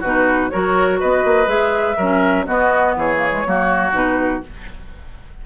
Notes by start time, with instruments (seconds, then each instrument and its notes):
0.00 bassoon B2, clarinet D#4, oboe F#4, flute B4
0.50 bassoon F#3, clarinet F#4, oboe A#4, flute C#5
1.00 bassoon B3, oboe B4, flute D#5
1.24 bassoon A#3
1.47 bassoon G#3, clarinet G#4, flute E5
1.97 bassoon F#3, clarinet C#4, oboe A#4
2.46 clarinet B3, bassoon B3, oboe F#4, flute D#5
2.96 bassoon E3, oboe G#4, flute C#5
3.17 clarinet A#3
3.31 clarinet G#3
3.46 bassoon F#3, clarinet A#3, oboe F#4
3.93 bassoon B2, clarinet D#4, flute B4